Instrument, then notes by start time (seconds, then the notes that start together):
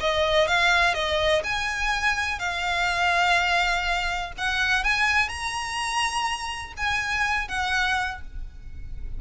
violin
0.00 D#5
0.47 F5
0.94 D#5
1.44 G#5
2.39 F5
4.38 F#5
4.84 G#5
5.28 A#5
6.77 G#5
7.48 F#5